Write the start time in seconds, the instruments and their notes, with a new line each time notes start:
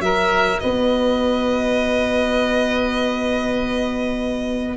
0.00 tuba F#3, saxophone F#4, oboe A#4, violin E5
0.60 tuba B3, oboe B4, violin D#5